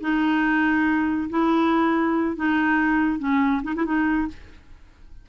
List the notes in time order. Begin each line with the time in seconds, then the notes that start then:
0.00 D#4
1.29 E4
2.36 D#4
3.19 C#4
3.63 D#4
3.75 E4
3.85 D#4